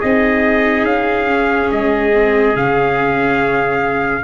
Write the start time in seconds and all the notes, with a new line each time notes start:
0.00 C4 D#4 G#4 D#5
0.84 C#4 F5
1.28 C#4
1.72 G#3 D#5
2.14 C4
2.56 C#3 C#4 F5